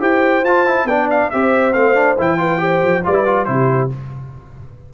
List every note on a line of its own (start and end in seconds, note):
0.00 0.43 E4
0.00 0.43 G4
0.00 0.87 C5
0.00 0.45 G5
0.43 0.85 F4
0.43 0.66 F4
0.43 0.87 A5
0.66 0.88 E4
0.85 1.28 B3
0.85 1.32 D4
0.85 1.31 D5
0.85 1.09 G5
1.10 1.30 F5
1.30 1.75 C4
1.30 1.73 G4
1.30 2.39 C5
1.30 1.73 E5
1.73 2.18 A3
1.73 1.95 C4
1.73 2.16 F5
1.95 2.16 D4
2.18 2.83 E3
2.18 2.38 E4
2.18 3.05 G5
2.38 2.58 F4
2.38 2.61 B4
2.58 3.02 G4
2.58 3.05 C5
2.83 3.04 F3
3.04 3.48 G3
3.04 3.14 F4
3.04 3.50 B4
3.04 3.45 D5
3.14 3.24 E4
3.25 3.46 F4
3.45 3.91 C3
3.45 3.89 E4
3.45 3.94 G4
3.45 3.88 C5